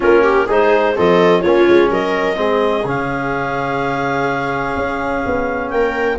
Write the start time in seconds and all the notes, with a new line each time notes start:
0.00 A#3 C#4 F4 A#4
0.22 G4
0.46 G#3 D#4 G#4 C5
0.95 F3 C4 A4 D#5
1.41 A#3 C#4 F4 C#5
1.68 G#3
1.90 F#3 A#4 D#5
2.35 G#3 C4 G#4
2.84 C#3 C#4 F5
4.76 C#4
5.26 B3
5.69 A#3 A#4 G5